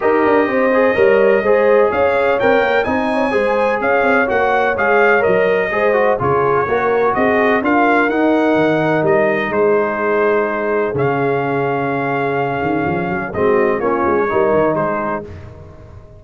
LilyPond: <<
  \new Staff \with { instrumentName = "trumpet" } { \time 4/4 \tempo 4 = 126 dis''1 | f''4 g''4 gis''2 | f''4 fis''4 f''4 dis''4~ | dis''4 cis''2 dis''4 |
f''4 fis''2 dis''4 | c''2. f''4~ | f''1 | dis''4 cis''2 c''4 | }
  \new Staff \with { instrumentName = "horn" } { \time 4/4 ais'4 c''4 cis''4 c''4 | cis''2 dis''8 cis''8 c''4 | cis''1 | c''4 gis'4 ais'4 gis'4 |
ais'1 | gis'1~ | gis'1 | fis'4 f'4 ais'4 gis'4 | }
  \new Staff \with { instrumentName = "trombone" } { \time 4/4 g'4. gis'8 ais'4 gis'4~ | gis'4 ais'4 dis'4 gis'4~ | gis'4 fis'4 gis'4 ais'4 | gis'8 fis'8 f'4 fis'2 |
f'4 dis'2.~ | dis'2. cis'4~ | cis'1 | c'4 cis'4 dis'2 | }
  \new Staff \with { instrumentName = "tuba" } { \time 4/4 dis'8 d'8 c'4 g4 gis4 | cis'4 c'8 ais8 c'4 gis4 | cis'8 c'8 ais4 gis4 fis4 | gis4 cis4 ais4 c'4 |
d'4 dis'4 dis4 g4 | gis2. cis4~ | cis2~ cis8 dis8 f8 fis8 | gis4 ais8 gis8 g8 dis8 gis4 | }
>>